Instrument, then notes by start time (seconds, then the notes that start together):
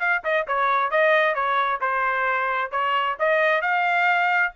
trumpet
0.00 F5
0.25 D#5
0.48 C#5
0.92 D#5
1.35 C#5
1.81 C5
2.72 C#5
3.20 D#5
3.62 F5